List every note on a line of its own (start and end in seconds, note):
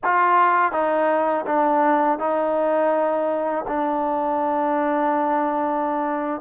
0.04 0.72 F4
0.72 1.45 D#4
1.46 2.19 D4
2.19 3.65 D#4
3.67 6.41 D4